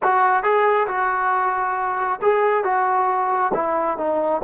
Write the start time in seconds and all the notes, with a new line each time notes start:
0.03 F#4
0.43 G#4
0.87 F#4
2.21 G#4
2.64 F#4
3.54 E4
3.97 D#4